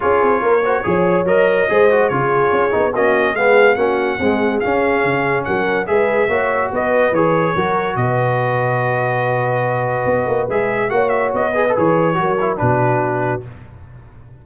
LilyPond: <<
  \new Staff \with { instrumentName = "trumpet" } { \time 4/4 \tempo 4 = 143 cis''2. dis''4~ | dis''4 cis''2 dis''4 | f''4 fis''2 f''4~ | f''4 fis''4 e''2 |
dis''4 cis''2 dis''4~ | dis''1~ | dis''4 e''4 fis''8 e''8 dis''4 | cis''2 b'2 | }
  \new Staff \with { instrumentName = "horn" } { \time 4/4 gis'4 ais'8 c''8 cis''2 | c''4 gis'2 fis'4 | gis'4 fis'4 gis'2~ | gis'4 ais'4 b'4 cis''4 |
b'2 ais'4 b'4~ | b'1~ | b'2 cis''4. b'8~ | b'4 ais'4 fis'2 | }
  \new Staff \with { instrumentName = "trombone" } { \time 4/4 f'4. fis'8 gis'4 ais'4 | gis'8 fis'8 f'4. dis'8 cis'4 | b4 cis'4 gis4 cis'4~ | cis'2 gis'4 fis'4~ |
fis'4 gis'4 fis'2~ | fis'1~ | fis'4 gis'4 fis'4. gis'16 a'16 | gis'4 fis'8 e'8 d'2 | }
  \new Staff \with { instrumentName = "tuba" } { \time 4/4 cis'8 c'8 ais4 f4 fis4 | gis4 cis4 cis'8 b8 ais4 | gis4 ais4 c'4 cis'4 | cis4 fis4 gis4 ais4 |
b4 e4 fis4 b,4~ | b,1 | b8 ais8 gis4 ais4 b4 | e4 fis4 b,2 | }
>>